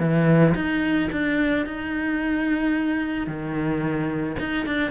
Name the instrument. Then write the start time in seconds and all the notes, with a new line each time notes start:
cello
0.00 E3
0.55 D#4
1.12 D4
1.66 D#4
3.28 D#3
4.40 D#4
4.67 D4